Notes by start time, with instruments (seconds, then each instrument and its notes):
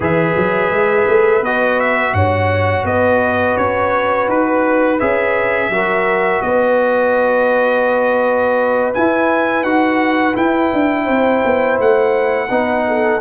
0.00 tuba E3, trombone G#4, horn B4, trumpet E5
0.36 tuba F#3
0.70 tuba G#3
1.08 tuba A3
1.41 tuba B3, trombone F#4, trumpet D#5
1.80 trumpet E5
2.13 tuba G2, horn C#5, trumpet F#5
2.83 tuba B3, horn B4, trumpet D#5
3.57 tuba C#4, trumpet C#5
4.28 tuba D#4, trumpet B4
4.99 tuba C#4, trombone G#4, trumpet E5
5.69 tuba F#3, trombone F#4, horn A#4
6.42 tuba B3, horn B4, trumpet D#5
8.94 trombone E4, tuba E4, trumpet G#5
9.62 tuba D#4, trombone F#4, trumpet F#5
10.33 trombone E4, tuba E4, trumpet G5
10.73 tuba D4
11.04 tuba C4, horn C5
11.44 tuba B3
11.79 tuba A3, trumpet F#5
12.49 tuba B3, trombone D#4, horn B4
12.88 horn A4